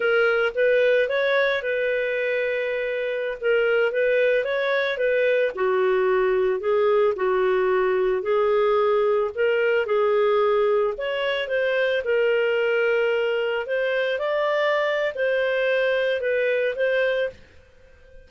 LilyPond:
\new Staff \with { instrumentName = "clarinet" } { \time 4/4 \tempo 4 = 111 ais'4 b'4 cis''4 b'4~ | b'2~ b'16 ais'4 b'8.~ | b'16 cis''4 b'4 fis'4.~ fis'16~ | fis'16 gis'4 fis'2 gis'8.~ |
gis'4~ gis'16 ais'4 gis'4.~ gis'16~ | gis'16 cis''4 c''4 ais'4.~ ais'16~ | ais'4~ ais'16 c''4 d''4.~ d''16 | c''2 b'4 c''4 | }